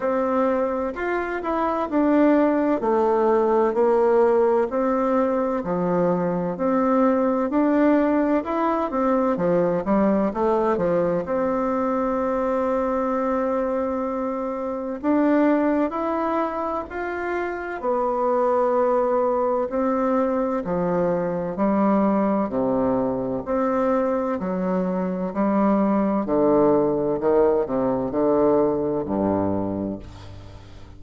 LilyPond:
\new Staff \with { instrumentName = "bassoon" } { \time 4/4 \tempo 4 = 64 c'4 f'8 e'8 d'4 a4 | ais4 c'4 f4 c'4 | d'4 e'8 c'8 f8 g8 a8 f8 | c'1 |
d'4 e'4 f'4 b4~ | b4 c'4 f4 g4 | c4 c'4 fis4 g4 | d4 dis8 c8 d4 g,4 | }